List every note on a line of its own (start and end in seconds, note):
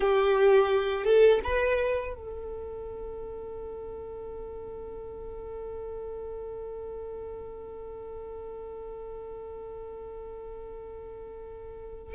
0.00 1.04 G4
1.04 1.40 A4
1.43 2.15 B4
2.15 12.14 A4